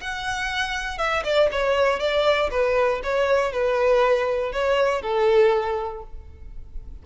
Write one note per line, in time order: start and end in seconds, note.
0.00 0.98 F#5
0.98 1.23 E5
1.23 1.49 D5
1.51 1.99 C#5
1.99 2.50 D5
2.50 3.01 B4
3.03 3.52 C#5
3.52 4.52 B4
4.52 5.01 C#5
5.01 6.02 A4